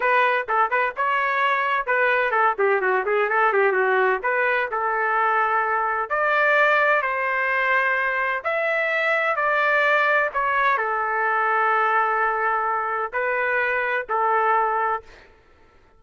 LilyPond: \new Staff \with { instrumentName = "trumpet" } { \time 4/4 \tempo 4 = 128 b'4 a'8 b'8 cis''2 | b'4 a'8 g'8 fis'8 gis'8 a'8 g'8 | fis'4 b'4 a'2~ | a'4 d''2 c''4~ |
c''2 e''2 | d''2 cis''4 a'4~ | a'1 | b'2 a'2 | }